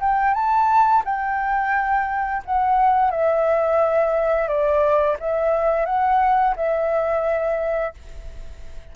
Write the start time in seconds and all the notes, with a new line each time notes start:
0.00 G5
0.34 A5
1.05 G5
2.45 F#5
3.11 E5
4.48 D5
5.19 E5
5.86 F#5
6.56 E5